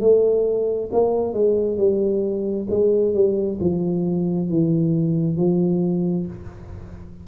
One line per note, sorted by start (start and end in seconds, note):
0.00 0.90 A3
0.92 1.33 A#3
1.33 1.77 G#3
1.77 2.67 G3
2.69 3.14 G#3
3.14 3.59 G3
3.60 4.49 F3
4.49 5.37 E3
5.37 6.26 F3